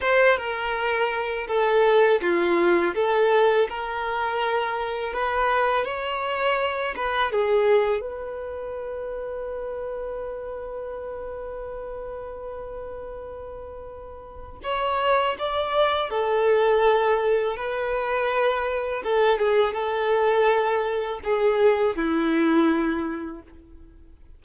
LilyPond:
\new Staff \with { instrumentName = "violin" } { \time 4/4 \tempo 4 = 82 c''8 ais'4. a'4 f'4 | a'4 ais'2 b'4 | cis''4. b'8 gis'4 b'4~ | b'1~ |
b'1 | cis''4 d''4 a'2 | b'2 a'8 gis'8 a'4~ | a'4 gis'4 e'2 | }